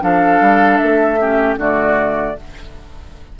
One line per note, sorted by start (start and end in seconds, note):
0.00 0.40 F3
0.00 1.17 D4
0.00 1.20 A4
0.00 0.77 F5
0.40 0.79 G3
0.77 1.56 A3
0.77 1.55 E5
1.19 1.58 C#4
1.19 1.59 G4
1.56 2.34 D3
1.56 2.36 A3
1.56 2.37 F#4
1.56 2.39 D5